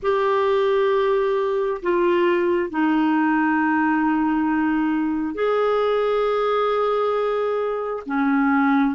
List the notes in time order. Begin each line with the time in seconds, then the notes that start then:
0.02 G4
1.82 F4
2.70 D#4
5.34 G#4
8.06 C#4